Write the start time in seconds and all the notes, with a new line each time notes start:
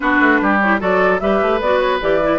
0.00 B3 D4 F#4 B4
0.19 A3
0.41 G3 G4
0.60 E4 C#5
0.79 F#3 F#4 A4 D5
1.20 G3 G4 B4 E5
1.42 A3
1.61 B3 F#4 D5
1.79 C#5
2.00 E3 G4 D5
2.23 E4